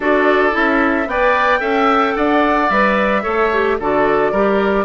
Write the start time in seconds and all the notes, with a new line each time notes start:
0.00 D4 F#4 A4 D5
0.51 C#4 E4 E5
1.06 B3 B4 D5 G5
1.59 C#4 A4 E5
2.16 D4 D5 F#5
2.69 G3 B4 E5
3.22 A3 A4 C#5
3.52 G4
3.79 D3 F#4 A4 D5
4.31 G3 G4 A#4